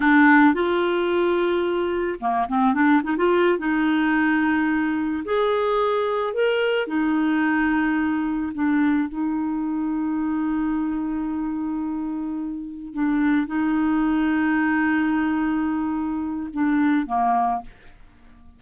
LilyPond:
\new Staff \with { instrumentName = "clarinet" } { \time 4/4 \tempo 4 = 109 d'4 f'2. | ais8 c'8 d'8 dis'16 f'8. dis'4.~ | dis'4. gis'2 ais'8~ | ais'8 dis'2. d'8~ |
d'8 dis'2.~ dis'8~ | dis'2.~ dis'8 d'8~ | d'8 dis'2.~ dis'8~ | dis'2 d'4 ais4 | }